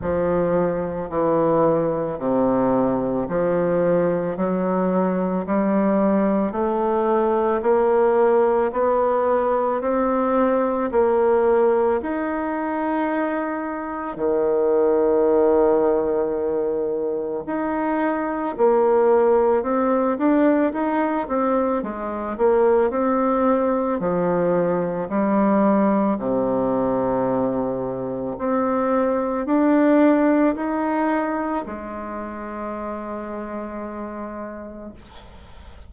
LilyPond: \new Staff \with { instrumentName = "bassoon" } { \time 4/4 \tempo 4 = 55 f4 e4 c4 f4 | fis4 g4 a4 ais4 | b4 c'4 ais4 dis'4~ | dis'4 dis2. |
dis'4 ais4 c'8 d'8 dis'8 c'8 | gis8 ais8 c'4 f4 g4 | c2 c'4 d'4 | dis'4 gis2. | }